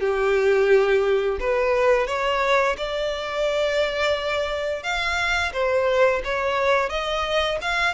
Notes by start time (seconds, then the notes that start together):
0.00 G4
1.39 B4
2.07 C#5
2.77 D5
4.83 F5
5.53 C5
6.24 C#5
6.89 D#5
7.61 F5